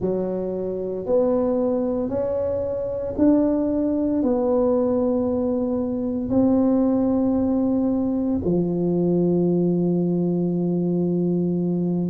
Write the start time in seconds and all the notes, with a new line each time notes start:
0.00 F#3
1.05 B3
2.09 C#4
3.18 D4
4.22 B3
6.29 C4
8.44 F3